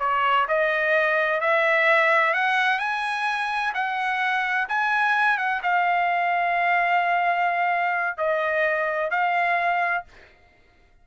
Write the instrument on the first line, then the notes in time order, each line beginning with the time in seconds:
trumpet
0.00 C#5
0.49 D#5
1.41 E5
2.34 F#5
2.80 G#5
3.75 F#5
4.69 G#5
5.38 F#5
5.63 F5
8.18 D#5
9.11 F5